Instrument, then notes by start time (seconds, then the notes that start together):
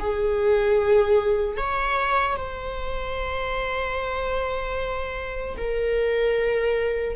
viola
0.00 G#4
1.57 C#5
2.37 C5
5.57 A#4